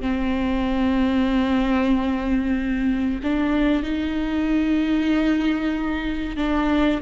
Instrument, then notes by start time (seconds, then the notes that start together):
viola
0.00 C4
3.23 D4
3.82 D#4
6.36 D4